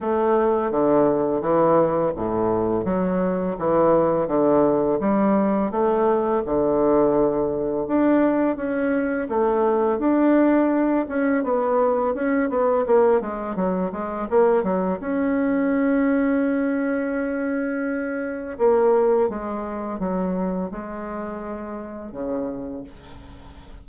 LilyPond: \new Staff \with { instrumentName = "bassoon" } { \time 4/4 \tempo 4 = 84 a4 d4 e4 a,4 | fis4 e4 d4 g4 | a4 d2 d'4 | cis'4 a4 d'4. cis'8 |
b4 cis'8 b8 ais8 gis8 fis8 gis8 | ais8 fis8 cis'2.~ | cis'2 ais4 gis4 | fis4 gis2 cis4 | }